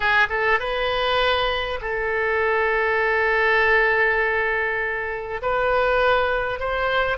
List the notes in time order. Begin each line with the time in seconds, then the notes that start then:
0.00 G#4
0.29 A4
0.59 B4
1.81 A4
5.41 B4
6.59 C5